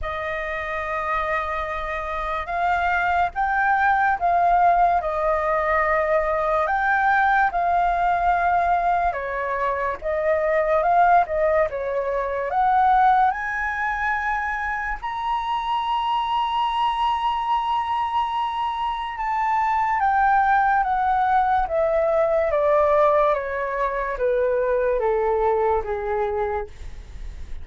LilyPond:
\new Staff \with { instrumentName = "flute" } { \time 4/4 \tempo 4 = 72 dis''2. f''4 | g''4 f''4 dis''2 | g''4 f''2 cis''4 | dis''4 f''8 dis''8 cis''4 fis''4 |
gis''2 ais''2~ | ais''2. a''4 | g''4 fis''4 e''4 d''4 | cis''4 b'4 a'4 gis'4 | }